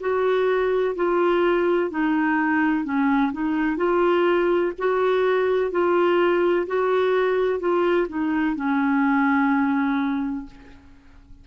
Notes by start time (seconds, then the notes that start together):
0.00 F#4
0.95 F4
1.90 D#4
2.84 C#4
3.32 D#4
3.77 F4
4.78 F#4
5.71 F4
6.67 F#4
7.60 F4
8.08 D#4
8.55 C#4